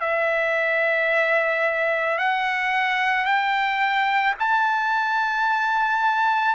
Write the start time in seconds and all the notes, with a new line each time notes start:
0.00 E5
2.18 F#5
3.25 G5
4.39 A5